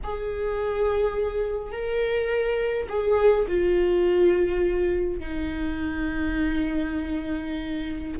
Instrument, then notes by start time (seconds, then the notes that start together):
viola
0.03 G#4
1.72 A#4
2.88 G#4
3.47 F4
5.19 D#4